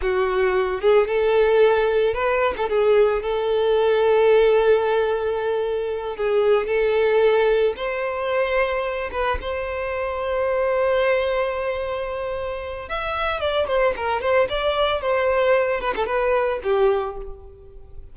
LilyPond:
\new Staff \with { instrumentName = "violin" } { \time 4/4 \tempo 4 = 112 fis'4. gis'8 a'2 | b'8. a'16 gis'4 a'2~ | a'2.~ a'8 gis'8~ | gis'8 a'2 c''4.~ |
c''4 b'8 c''2~ c''8~ | c''1 | e''4 d''8 c''8 ais'8 c''8 d''4 | c''4. b'16 a'16 b'4 g'4 | }